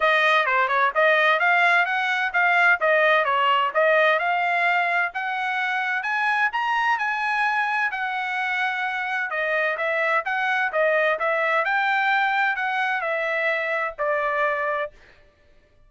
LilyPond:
\new Staff \with { instrumentName = "trumpet" } { \time 4/4 \tempo 4 = 129 dis''4 c''8 cis''8 dis''4 f''4 | fis''4 f''4 dis''4 cis''4 | dis''4 f''2 fis''4~ | fis''4 gis''4 ais''4 gis''4~ |
gis''4 fis''2. | dis''4 e''4 fis''4 dis''4 | e''4 g''2 fis''4 | e''2 d''2 | }